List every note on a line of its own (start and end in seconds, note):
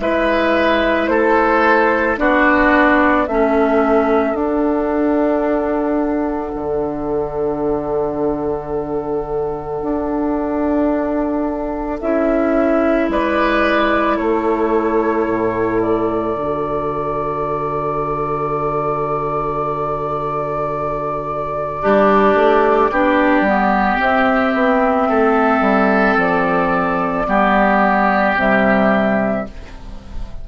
0.00 1.08 G#3
0.00 2.18 E4
0.00 1.11 B4
0.00 1.07 E5
1.07 2.17 A3
1.07 2.20 A4
1.07 2.16 C5
2.18 3.28 B3
2.18 3.27 D4
2.18 3.28 F#4
2.18 3.27 D5
3.27 4.34 A3
3.27 4.35 C#4
3.27 13.10 A4
3.27 4.36 E5
4.34 6.52 D4
4.34 11.99 D4
4.34 12.00 F#5
6.56 9.83 D3
9.83 12.01 D4
12.01 13.09 C#4
12.01 16.38 E4
12.01 13.10 E5
13.09 14.18 G#3
13.09 14.17 B4
13.09 14.18 D5
14.17 15.27 A3
14.17 21.81 A4
14.17 15.81 C#5
15.27 16.36 A2
15.82 24.00 D5
16.36 21.82 D3
16.36 21.82 F#4
21.82 22.35 G3
21.82 22.91 D4
21.82 22.92 G4
22.35 22.89 A3
22.91 23.41 B3
22.91 23.47 D4
22.91 25.09 G4
23.41 23.96 G3
23.47 23.99 B3
23.99 27.26 C4
23.99 24.55 C4
23.99 26.19 E5
24.55 25.09 B3
25.09 25.61 A3
25.09 27.27 A4
25.61 26.16 G3
26.17 27.26 F3
26.17 28.38 D5
27.27 28.36 G3
27.27 28.36 B3
27.27 29.47 G4
28.36 29.45 C3
28.36 29.47 G3
28.36 29.48 E5